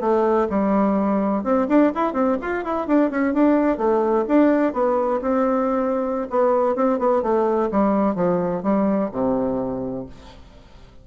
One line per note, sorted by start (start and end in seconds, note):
0.00 0.47 A3
0.49 1.43 G3
1.43 1.67 C4
1.68 1.92 D4
1.95 2.13 E4
2.13 2.37 C4
2.41 2.64 F4
2.64 2.87 E4
2.87 3.10 D4
3.10 3.33 C#4
3.33 3.77 D4
3.77 4.25 A3
4.28 4.73 D4
4.73 5.20 B3
5.21 6.28 C4
6.30 6.75 B3
6.75 6.99 C4
6.99 7.22 B3
7.22 7.69 A3
7.71 8.15 G3
8.15 8.62 F3
8.62 9.10 G3
9.11 10.06 C3